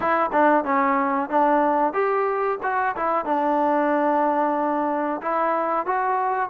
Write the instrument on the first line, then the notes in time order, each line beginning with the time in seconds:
trombone
0.00 E4
0.32 D4
0.64 C#4
1.29 D4
1.93 G4
2.63 F#4
2.96 E4
3.25 D4
5.21 E4
5.85 F#4